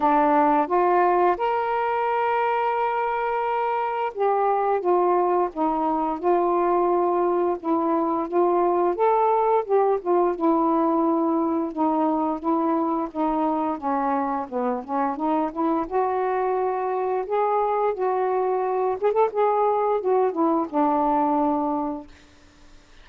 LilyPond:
\new Staff \with { instrumentName = "saxophone" } { \time 4/4 \tempo 4 = 87 d'4 f'4 ais'2~ | ais'2 g'4 f'4 | dis'4 f'2 e'4 | f'4 a'4 g'8 f'8 e'4~ |
e'4 dis'4 e'4 dis'4 | cis'4 b8 cis'8 dis'8 e'8 fis'4~ | fis'4 gis'4 fis'4. gis'16 a'16 | gis'4 fis'8 e'8 d'2 | }